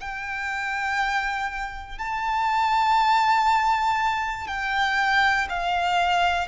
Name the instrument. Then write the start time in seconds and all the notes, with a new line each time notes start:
violin
0.00 G5
1.98 A5
4.47 G5
5.49 F5